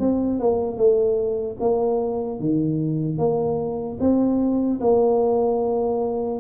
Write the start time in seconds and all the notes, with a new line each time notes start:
0.00 C4
0.40 A#3
0.77 A3
1.60 A#3
2.40 D#3
3.18 A#3
4.00 C4
4.81 A#3